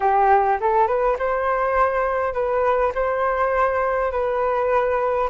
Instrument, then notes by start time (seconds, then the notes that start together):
flute
0.00 G4
0.60 A4
0.87 B4
1.18 C5
2.33 B4
2.94 C5
4.11 B4